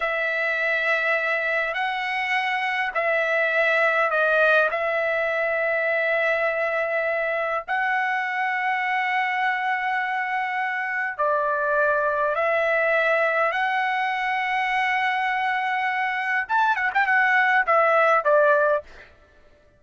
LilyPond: \new Staff \with { instrumentName = "trumpet" } { \time 4/4 \tempo 4 = 102 e''2. fis''4~ | fis''4 e''2 dis''4 | e''1~ | e''4 fis''2.~ |
fis''2. d''4~ | d''4 e''2 fis''4~ | fis''1 | a''8 fis''16 g''16 fis''4 e''4 d''4 | }